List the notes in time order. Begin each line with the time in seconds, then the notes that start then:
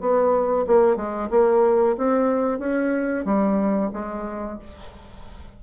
0.00 B3
0.67 A#3
0.96 G#3
1.30 A#3
1.98 C4
2.59 C#4
3.25 G3
3.93 G#3